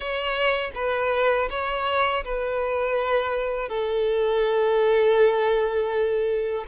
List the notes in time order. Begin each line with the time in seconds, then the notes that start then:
0.00 C#5
0.74 B4
1.50 C#5
2.24 B4
3.68 A4